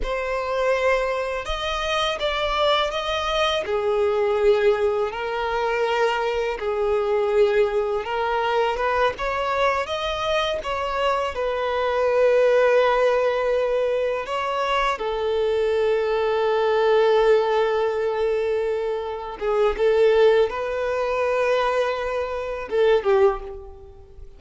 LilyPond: \new Staff \with { instrumentName = "violin" } { \time 4/4 \tempo 4 = 82 c''2 dis''4 d''4 | dis''4 gis'2 ais'4~ | ais'4 gis'2 ais'4 | b'8 cis''4 dis''4 cis''4 b'8~ |
b'2.~ b'8 cis''8~ | cis''8 a'2.~ a'8~ | a'2~ a'8 gis'8 a'4 | b'2. a'8 g'8 | }